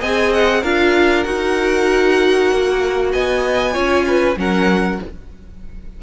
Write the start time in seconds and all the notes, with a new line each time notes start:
0.00 C4 G#4 D#5 G#5
0.33 F#5
0.61 D4 F4 A#4 F5
1.24 D#4 F#4 F#5
2.52 A#3
3.13 B3 D#5 G#5
3.73 C#4 F4 C#5
4.07 B4
4.36 F#3 C#4 A#4 F#5